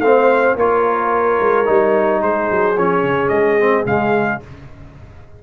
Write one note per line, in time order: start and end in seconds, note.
0.00 0.55 A3
0.00 0.58 C4
0.00 0.56 C5
0.00 0.56 F5
0.56 1.39 A#3
0.56 1.65 F4
0.56 2.22 A#4
0.56 2.23 C#5
1.40 1.68 G#3
1.65 2.23 G3
1.65 2.76 D#4
2.23 2.50 G#3
2.23 4.43 G#4
2.23 2.78 C5
2.50 2.77 F#3
2.77 3.03 F3
2.77 3.60 C#4
2.77 3.29 C#5
3.03 3.30 C#3
3.29 3.85 G#3
3.29 3.84 D#5
3.60 3.85 C4
3.85 4.41 C#3
3.85 4.40 G#3
3.85 4.42 F5